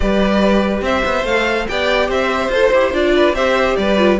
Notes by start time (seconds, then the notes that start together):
0.00 G3 G4 B4 D5
0.81 C4 C5 E5
1.04 B3
1.24 A3 F5
1.30 A4
1.68 B3 G4 D5 G5
2.08 C4 C5 E5
2.48 F4 A4 C5
2.72 E4 G4
2.92 D4 F4 D5
3.16 B4
3.33 C4 G4 C5 E5
3.75 G3 B4 D5
3.97 F4